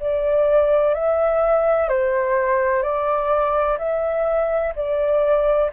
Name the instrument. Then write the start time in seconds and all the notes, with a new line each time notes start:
flute
0.00 D5
0.94 E5
1.89 C5
2.83 D5
3.78 E5
4.75 D5